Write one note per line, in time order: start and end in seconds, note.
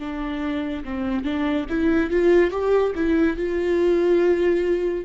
0.00 0.85 D4
0.85 1.25 C4
1.25 1.67 D4
1.69 2.11 E4
2.11 2.51 F4
2.51 2.93 G4
2.96 3.37 E4
3.37 5.05 F4